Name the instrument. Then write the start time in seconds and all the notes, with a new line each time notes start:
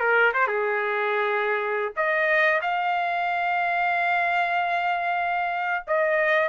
trumpet
0.00 A#4
0.33 C5
0.47 G#4
1.96 D#5
2.61 F5
5.87 D#5